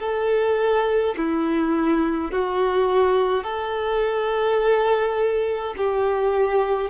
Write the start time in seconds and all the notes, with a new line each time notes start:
0.00 A4
1.17 E4
2.32 F#4
3.44 A4
5.78 G4